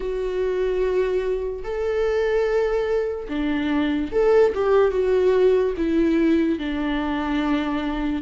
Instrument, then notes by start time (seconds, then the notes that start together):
viola
0.00 F#4
1.63 A4
3.28 D4
4.11 A4
4.54 G4
4.91 F#4
5.77 E4
6.59 D4